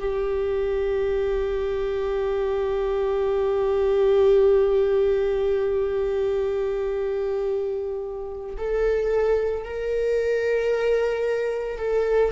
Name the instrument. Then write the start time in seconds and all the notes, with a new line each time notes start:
viola
0.00 G4
8.58 A4
9.65 A#4
11.79 A4